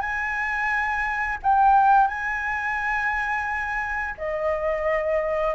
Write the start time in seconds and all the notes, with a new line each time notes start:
0.00 G#5
1.42 G5
2.07 G#5
4.18 D#5